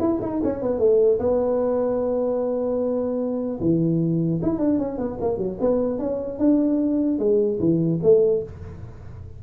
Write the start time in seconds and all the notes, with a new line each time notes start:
0.00 E4
0.22 D#4
0.44 C#4
0.63 B3
0.79 A3
1.20 B3
3.61 E3
4.43 E4
4.59 D4
4.79 C#4
4.98 B3
5.21 A#3
5.38 F#3
5.61 B3
5.99 C#4
6.39 D4
7.19 G#3
7.60 E3
8.03 A3